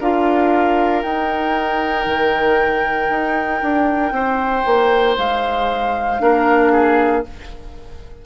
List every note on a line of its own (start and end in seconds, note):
0.00 1.04 D4
0.00 1.04 F4
0.00 4.14 A#4
0.00 1.03 F5
1.03 2.06 D#4
1.03 6.19 D#4
1.03 5.17 G5
2.06 3.09 D#3
3.09 3.61 D#4
3.62 4.12 D4
4.12 4.64 C4
4.12 6.22 C5
4.66 5.17 A#3
5.18 6.21 G#3
5.18 7.26 F5
6.19 7.24 A#3
6.19 7.23 D4
6.19 6.72 A#4
6.72 7.24 G#4